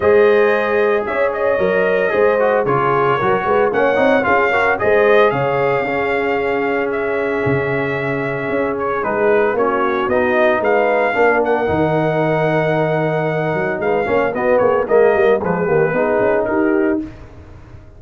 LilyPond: <<
  \new Staff \with { instrumentName = "trumpet" } { \time 4/4 \tempo 4 = 113 dis''2 e''8 dis''4.~ | dis''4 cis''2 fis''4 | f''4 dis''4 f''2~ | f''4 e''2.~ |
e''8 cis''8 b'4 cis''4 dis''4 | f''4. fis''2~ fis''8~ | fis''2 f''4 dis''8 cis''8 | dis''4 b'2 ais'4 | }
  \new Staff \with { instrumentName = "horn" } { \time 4/4 c''2 cis''2 | c''4 gis'4 ais'8 b'8 cis''4 | gis'8 ais'8 c''4 cis''4 gis'4~ | gis'1~ |
gis'2 fis'2 | b'4 ais'2.~ | ais'2 b'8 cis''8 fis'8 gis'8 | ais'4 gis'8 g'8 gis'4 g'4 | }
  \new Staff \with { instrumentName = "trombone" } { \time 4/4 gis'2. ais'4 | gis'8 fis'8 f'4 fis'4 cis'8 dis'8 | f'8 fis'8 gis'2 cis'4~ | cis'1~ |
cis'4 dis'4 cis'4 dis'4~ | dis'4 d'4 dis'2~ | dis'2~ dis'8 cis'8 b4 | ais4 f8 dis8 dis'2 | }
  \new Staff \with { instrumentName = "tuba" } { \time 4/4 gis2 cis'4 fis4 | gis4 cis4 fis8 gis8 ais8 c'8 | cis'4 gis4 cis4 cis'4~ | cis'2 cis2 |
cis'4 gis4 ais4 b4 | gis4 ais4 dis2~ | dis4. fis8 gis8 ais8 b8 ais8 | gis8 g8 gis8 ais8 b8 cis'8 dis'4 | }
>>